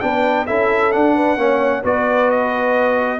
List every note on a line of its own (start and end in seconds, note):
0.00 0.49 B3
0.00 0.47 D4
0.00 0.47 B4
0.00 0.46 G5
0.47 0.95 C#4
0.47 0.92 E4
0.47 1.15 A4
0.47 0.92 E5
0.92 1.37 D4
0.92 1.84 F#5
1.16 1.38 B4
1.37 1.83 A#3
1.37 1.83 C#4
1.37 1.83 C#5
1.83 3.20 B3
1.83 3.20 F#4
1.83 3.20 B4
1.83 2.31 D5
2.31 3.20 D#5